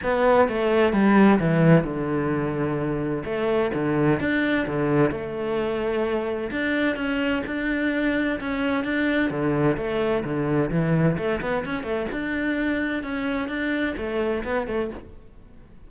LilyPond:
\new Staff \with { instrumentName = "cello" } { \time 4/4 \tempo 4 = 129 b4 a4 g4 e4 | d2. a4 | d4 d'4 d4 a4~ | a2 d'4 cis'4 |
d'2 cis'4 d'4 | d4 a4 d4 e4 | a8 b8 cis'8 a8 d'2 | cis'4 d'4 a4 b8 a8 | }